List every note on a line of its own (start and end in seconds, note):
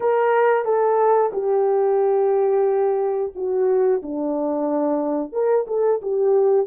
0.00 0.64 A#4
0.64 1.31 A4
1.32 3.32 G4
3.35 4.02 F#4
4.02 5.32 D4
5.32 5.65 A#4
5.67 6.00 A4
6.02 6.66 G4